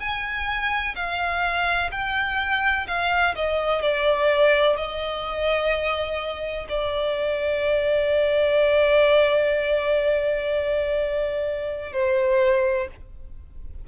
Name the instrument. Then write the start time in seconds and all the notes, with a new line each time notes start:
violin
0.00 G#5
0.95 F5
1.92 G5
2.87 F5
3.35 D#5
3.82 D5
4.77 D#5
6.69 D5
11.93 C5